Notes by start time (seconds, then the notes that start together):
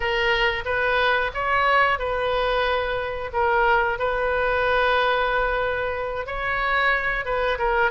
0.00 A#4
0.65 B4
1.34 C#5
1.98 B4
3.32 A#4
3.99 B4
6.26 C#5
7.25 B4
7.58 A#4